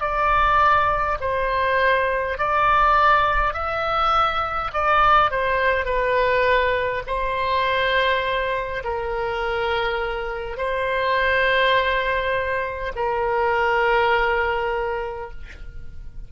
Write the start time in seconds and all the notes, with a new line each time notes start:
0.00 D5
1.20 C5
2.38 D5
3.53 E5
4.73 D5
5.31 C5
5.85 B4
7.07 C5
8.84 A#4
10.57 C5
12.96 A#4